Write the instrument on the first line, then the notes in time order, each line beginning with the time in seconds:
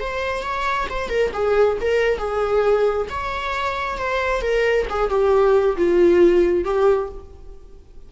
viola
0.00 C5
0.43 C#5
0.89 C5
1.09 A#4
1.33 G#4
1.81 A#4
2.18 G#4
3.10 C#5
3.98 C5
4.42 A#4
4.89 G#4
5.10 G4
5.77 F4
6.64 G4